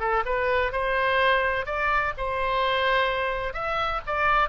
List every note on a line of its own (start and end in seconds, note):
0.00 0.24 A4
0.26 0.72 B4
0.72 1.66 C5
1.66 2.13 D5
2.18 3.54 C5
3.54 4.01 E5
4.07 4.49 D5